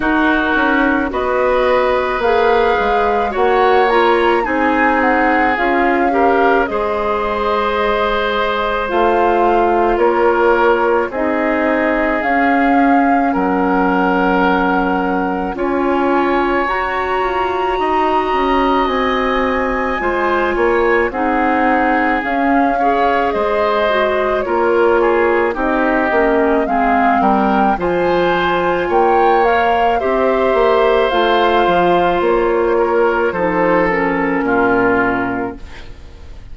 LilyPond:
<<
  \new Staff \with { instrumentName = "flute" } { \time 4/4 \tempo 4 = 54 ais'4 dis''4 f''4 fis''8 ais''8 | gis''8 fis''8 f''4 dis''2 | f''4 cis''4 dis''4 f''4 | fis''2 gis''4 ais''4~ |
ais''4 gis''2 fis''4 | f''4 dis''4 cis''4 dis''4 | f''8 g''8 gis''4 g''8 f''8 e''4 | f''4 cis''4 c''8 ais'4. | }
  \new Staff \with { instrumentName = "oboe" } { \time 4/4 fis'4 b'2 cis''4 | gis'4. ais'8 c''2~ | c''4 ais'4 gis'2 | ais'2 cis''2 |
dis''2 c''8 cis''8 gis'4~ | gis'8 cis''8 c''4 ais'8 gis'8 g'4 | gis'8 ais'8 c''4 cis''4 c''4~ | c''4. ais'8 a'4 f'4 | }
  \new Staff \with { instrumentName = "clarinet" } { \time 4/4 dis'4 fis'4 gis'4 fis'8 f'8 | dis'4 f'8 g'8 gis'2 | f'2 dis'4 cis'4~ | cis'2 f'4 fis'4~ |
fis'2 f'4 dis'4 | cis'8 gis'4 fis'8 f'4 dis'8 cis'8 | c'4 f'4. ais'8 g'4 | f'2 dis'8 cis'4. | }
  \new Staff \with { instrumentName = "bassoon" } { \time 4/4 dis'8 cis'8 b4 ais8 gis8 ais4 | c'4 cis'4 gis2 | a4 ais4 c'4 cis'4 | fis2 cis'4 fis'8 f'8 |
dis'8 cis'8 c'4 gis8 ais8 c'4 | cis'4 gis4 ais4 c'8 ais8 | gis8 g8 f4 ais4 c'8 ais8 | a8 f8 ais4 f4 ais,4 | }
>>